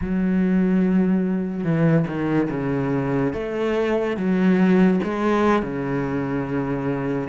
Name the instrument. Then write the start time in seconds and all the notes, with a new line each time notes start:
cello
0.01 F#3
1.64 E3
2.07 D#3
2.50 C#3
3.33 A3
4.16 F#3
5.03 G#3
5.62 C#3